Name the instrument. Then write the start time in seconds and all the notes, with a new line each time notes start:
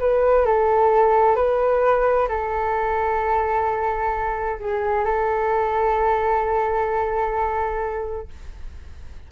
flute
0.00 B4
0.46 A4
1.36 B4
2.29 A4
4.60 G#4
5.05 A4